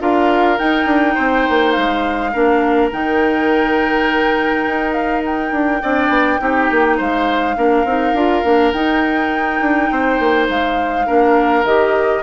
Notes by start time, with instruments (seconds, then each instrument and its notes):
0.00 bassoon D4, clarinet F4, oboe A#4, flute F5
0.58 clarinet D#4, bassoon D#4, flute G5
0.86 bassoon D4
1.14 bassoon C4, oboe C5
1.49 bassoon A#3
1.72 bassoon G#3, flute F5
2.33 bassoon A#3, clarinet D4, oboe A#4
2.92 bassoon D#3, clarinet D#4, flute G5
4.67 bassoon D#4
4.93 flute F5
5.25 flute G5
5.52 bassoon D4
5.82 bassoon C4, clarinet D4, oboe D5
6.09 bassoon B3
6.40 bassoon C4, clarinet D#4, oboe G4
6.71 bassoon A#3
6.97 bassoon G#3, oboe C5, flute F5
7.56 bassoon A#3, clarinet D4, oboe A#4
7.84 bassoon C4, clarinet D#4
8.13 bassoon D4, clarinet F4
8.44 bassoon A#3, clarinet D4
8.72 bassoon D#4, clarinet D#4, flute G5
9.60 bassoon D4
9.91 bassoon C4, oboe C5
10.19 bassoon A#3
10.49 bassoon G#3, flute F5
11.06 bassoon A#3, clarinet D4, oboe A#4
11.64 bassoon D#3, clarinet G4, flute D#5